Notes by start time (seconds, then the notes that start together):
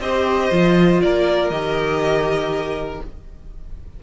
0.00 C4 G4 C5 D#5
0.52 F3 F4
1.02 A#3 A#4 D5
1.50 D#3 G4 D#5